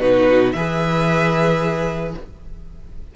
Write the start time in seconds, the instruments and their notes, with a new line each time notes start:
0.00 cello B2, viola D#4, violin F#4 B4
0.52 cello E3, viola G#4, violin B4 E5